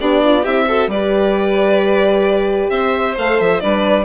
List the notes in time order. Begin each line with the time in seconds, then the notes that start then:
0.00 B3 D4 G4 D5
0.25 F4
0.43 C4 E4 G4 E5
0.68 F#4 A4
0.87 G3 G4 B4 D5
2.70 C4 C5 E5
3.18 A3 A4 F5
3.40 F3 E5
3.60 G3 D4 B4 D5